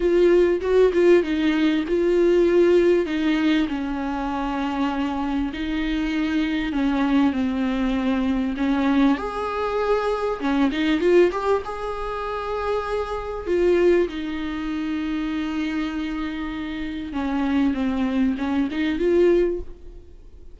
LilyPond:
\new Staff \with { instrumentName = "viola" } { \time 4/4 \tempo 4 = 98 f'4 fis'8 f'8 dis'4 f'4~ | f'4 dis'4 cis'2~ | cis'4 dis'2 cis'4 | c'2 cis'4 gis'4~ |
gis'4 cis'8 dis'8 f'8 g'8 gis'4~ | gis'2 f'4 dis'4~ | dis'1 | cis'4 c'4 cis'8 dis'8 f'4 | }